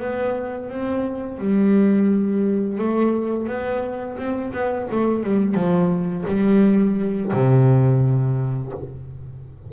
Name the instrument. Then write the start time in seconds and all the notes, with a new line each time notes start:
double bass
0.00 B3
0.70 C4
1.39 G3
2.78 A3
3.48 B3
4.18 C4
4.53 B3
4.91 A3
5.24 G3
5.55 F3
6.28 G3
7.33 C3